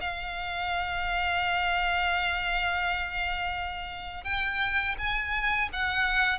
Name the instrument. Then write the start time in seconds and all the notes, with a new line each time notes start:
violin
0.00 F5
4.24 G5
4.98 G#5
5.72 F#5